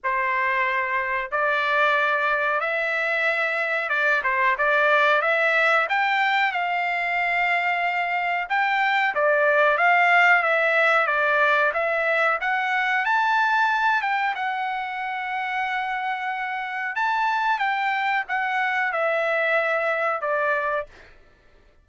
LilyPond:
\new Staff \with { instrumentName = "trumpet" } { \time 4/4 \tempo 4 = 92 c''2 d''2 | e''2 d''8 c''8 d''4 | e''4 g''4 f''2~ | f''4 g''4 d''4 f''4 |
e''4 d''4 e''4 fis''4 | a''4. g''8 fis''2~ | fis''2 a''4 g''4 | fis''4 e''2 d''4 | }